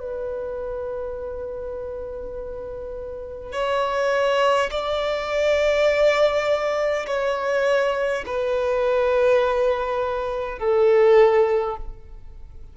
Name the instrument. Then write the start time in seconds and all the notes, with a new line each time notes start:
violin
0.00 B4
3.53 C#5
4.71 D5
7.07 C#5
8.26 B4
10.59 A4